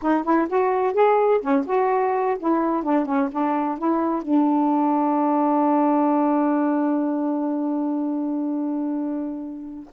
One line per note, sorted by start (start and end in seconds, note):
0.02 0.24 D#4
0.24 0.47 E4
0.49 0.93 F#4
0.93 1.40 G#4
1.41 1.64 C#4
1.66 2.37 F#4
2.39 2.83 E4
2.83 3.05 D4
3.05 3.29 C#4
3.31 3.78 D4
3.78 4.22 E4
4.22 9.88 D4